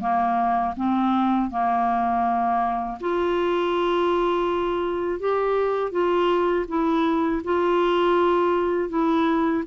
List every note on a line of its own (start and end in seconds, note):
0.00 0.74 A#3
0.76 1.50 C4
1.50 2.98 A#3
3.00 5.19 F4
5.19 5.91 G4
5.91 6.65 F4
6.68 7.42 E4
7.43 8.89 F4
8.89 9.63 E4